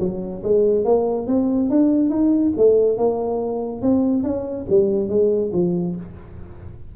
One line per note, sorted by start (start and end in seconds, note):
0.00 0.43 F#3
0.43 0.85 G#3
0.85 1.27 A#3
1.27 1.70 C4
1.70 2.10 D4
2.10 2.52 D#4
2.57 2.97 A3
2.97 3.82 A#3
3.82 4.23 C4
4.23 4.66 C#4
4.69 5.09 G3
5.09 5.52 G#3
5.53 5.96 F3